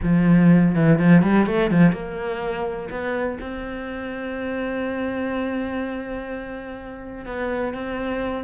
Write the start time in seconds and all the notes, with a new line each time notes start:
0.02 F3
0.75 E3
0.99 F3
1.22 G3
1.46 A3
1.71 F3
1.92 A#3
2.90 B3
3.40 C4
7.25 B3
7.74 C4